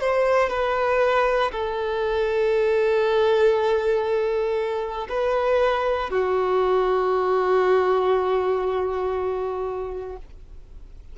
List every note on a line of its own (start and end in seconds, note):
0.00 0.50 C5
0.50 1.52 B4
1.52 5.08 A4
5.09 6.10 B4
6.10 10.17 F#4